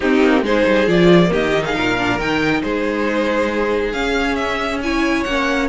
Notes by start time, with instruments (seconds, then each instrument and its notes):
0.00 cello C4, viola C4, violin D#4 G4
0.21 cello A#3
0.42 cello G#3, viola D#4, violin G#4 C5
0.65 cello G3
0.86 cello F3, viola F4, violin D5
1.27 viola A#3, violin G4 D#5
1.33 cello D#3
1.54 viola D#4
1.64 violin G#4 F5
1.74 cello A#2, violin A#4
1.97 viola D4
2.18 cello D#3, viola D#4, violin G5
2.61 cello G#3, violin G#4 C5
3.92 cello C#4, viola C#4, violin F5
4.35 violin E5
4.82 viola E4, violin C#5 G#5
5.23 cello A#3, viola C#4, violin F#5